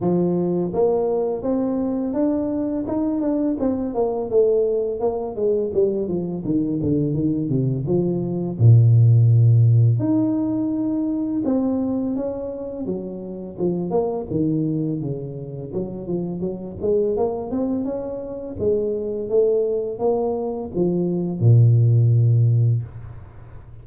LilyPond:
\new Staff \with { instrumentName = "tuba" } { \time 4/4 \tempo 4 = 84 f4 ais4 c'4 d'4 | dis'8 d'8 c'8 ais8 a4 ais8 gis8 | g8 f8 dis8 d8 dis8 c8 f4 | ais,2 dis'2 |
c'4 cis'4 fis4 f8 ais8 | dis4 cis4 fis8 f8 fis8 gis8 | ais8 c'8 cis'4 gis4 a4 | ais4 f4 ais,2 | }